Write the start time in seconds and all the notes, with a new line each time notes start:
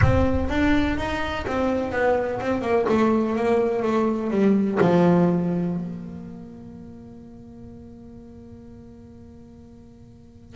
0.01 C4
0.49 D4
0.97 D#4
1.46 C4
1.91 B3
2.40 C4
2.61 A#3
2.88 A3
3.36 A#3
3.82 A3
4.30 G3
4.80 F3
5.76 A#3